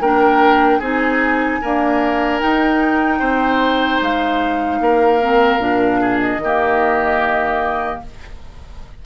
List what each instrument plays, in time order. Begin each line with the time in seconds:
0.00 bassoon A#3, clarinet D4, oboe A#4, flute G5
0.79 bassoon C4, clarinet D#4, oboe G#4, flute G#5
1.62 clarinet A#3, bassoon D4, oboe A#4
2.39 clarinet D#4, bassoon D#4, flute G5
3.19 bassoon C4, oboe C5
4.01 bassoon G#3, flute F5
4.80 bassoon A#3, oboe A#4
5.22 clarinet C4
5.59 bassoon A#2, clarinet D4
6.00 oboe G#4
6.19 flute D#5
6.38 bassoon D#3
6.44 clarinet A#3, oboe G4